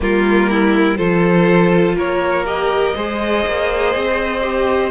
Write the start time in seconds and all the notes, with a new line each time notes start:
0.00 G3 A#3 F4 A#4
0.50 E4
0.97 F3 F4 A4 C5
1.95 A#3 A#4 C#5
2.45 G4 D#5
2.95 G#3 G#4 C5
3.45 A#3
3.94 C4
4.42 G4